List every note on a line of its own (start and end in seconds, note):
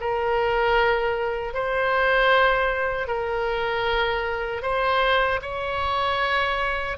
0.00 1.54 A#4
1.54 3.07 C5
3.07 4.62 A#4
4.62 5.40 C5
5.42 6.97 C#5